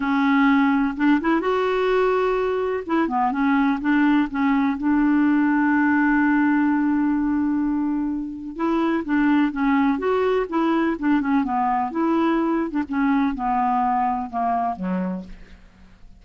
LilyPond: \new Staff \with { instrumentName = "clarinet" } { \time 4/4 \tempo 4 = 126 cis'2 d'8 e'8 fis'4~ | fis'2 e'8 b8 cis'4 | d'4 cis'4 d'2~ | d'1~ |
d'2 e'4 d'4 | cis'4 fis'4 e'4 d'8 cis'8 | b4 e'4.~ e'16 d'16 cis'4 | b2 ais4 fis4 | }